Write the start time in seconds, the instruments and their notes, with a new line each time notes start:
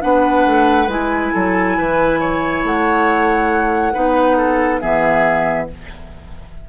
0.00 bassoon B3, clarinet D4, oboe B4, flute F#5
0.45 bassoon A3
0.87 bassoon G#3, clarinet E4, flute G#5
1.33 bassoon F#3, oboe A4
1.77 bassoon E3, oboe B4
2.19 oboe C#5
2.63 bassoon A3, flute F#5
3.93 bassoon B3, clarinet D#4, oboe B4
4.36 oboe A4
4.80 bassoon E3, clarinet B3, oboe G#4, flute E5